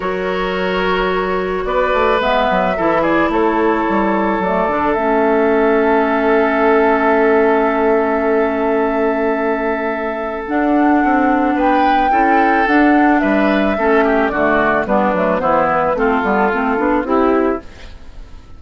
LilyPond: <<
  \new Staff \with { instrumentName = "flute" } { \time 4/4 \tempo 4 = 109 cis''2. d''4 | e''4. d''8 cis''2 | d''4 e''2.~ | e''1~ |
e''2. fis''4~ | fis''4 g''2 fis''4 | e''2 d''4 b'4 | c''8 b'8 a'2 g'4 | }
  \new Staff \with { instrumentName = "oboe" } { \time 4/4 ais'2. b'4~ | b'4 a'8 gis'8 a'2~ | a'1~ | a'1~ |
a'1~ | a'4 b'4 a'2 | b'4 a'8 g'8 fis'4 d'4 | e'4 f'2 e'4 | }
  \new Staff \with { instrumentName = "clarinet" } { \time 4/4 fis'1 | b4 e'2. | a8 d'8 cis'2.~ | cis'1~ |
cis'2. d'4~ | d'2 e'4 d'4~ | d'4 cis'4 a4 b8 a8 | b4 c'8 b8 c'8 d'8 e'4 | }
  \new Staff \with { instrumentName = "bassoon" } { \time 4/4 fis2. b8 a8 | gis8 fis8 e4 a4 g4 | fis8 d8 a2.~ | a1~ |
a2. d'4 | c'4 b4 cis'4 d'4 | g4 a4 d4 g8 fis8 | e4 a8 g8 a8 b8 c'4 | }
>>